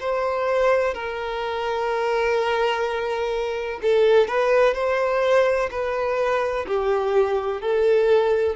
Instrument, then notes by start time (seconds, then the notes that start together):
violin
0.00 C5
0.94 A#4
3.82 A4
4.27 B4
4.74 C5
5.71 B4
6.67 G4
7.61 A4